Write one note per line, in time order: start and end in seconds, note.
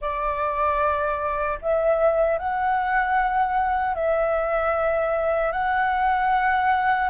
0.01 1.59 D5
1.61 2.38 E5
2.38 3.94 F#5
3.94 5.52 E5
5.52 7.09 F#5